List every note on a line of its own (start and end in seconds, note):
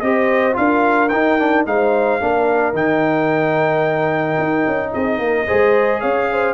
0.00 0.56 C4
0.00 0.53 G4
0.00 0.58 C5
0.00 0.55 D#5
0.53 1.12 D4
0.53 1.07 F4
0.53 1.67 A#4
0.53 1.08 F5
1.08 1.38 D#4
1.08 1.66 D#4
1.08 1.63 G5
1.38 1.66 D4
1.66 2.20 G#3
1.66 2.20 D#4
1.66 2.22 C5
1.66 2.75 F5
2.20 2.73 A#3
2.20 2.73 D4
2.20 4.92 A#4
2.73 4.36 D#3
2.73 5.46 D#4
2.73 4.93 G5
4.38 4.65 D#4
4.66 4.94 C#4
4.92 5.18 C4
4.92 5.19 G#4
4.92 6.00 D#5
5.18 5.45 A#3
5.18 5.46 A#4
5.46 6.03 G#3
5.46 6.54 G#4
5.46 6.00 C5
6.00 6.54 C#4
6.00 6.27 C#5
6.00 6.54 F5
6.31 6.54 C5